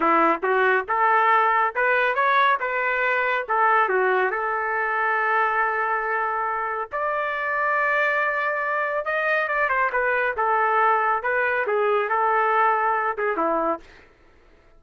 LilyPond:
\new Staff \with { instrumentName = "trumpet" } { \time 4/4 \tempo 4 = 139 e'4 fis'4 a'2 | b'4 cis''4 b'2 | a'4 fis'4 a'2~ | a'1 |
d''1~ | d''4 dis''4 d''8 c''8 b'4 | a'2 b'4 gis'4 | a'2~ a'8 gis'8 e'4 | }